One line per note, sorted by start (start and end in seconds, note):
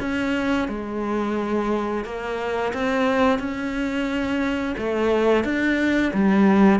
0.00 0.68 C#4
0.68 2.05 G#3
2.05 2.73 A#3
2.74 3.39 C4
3.39 4.75 C#4
4.78 5.44 A3
5.44 6.12 D4
6.13 6.80 G3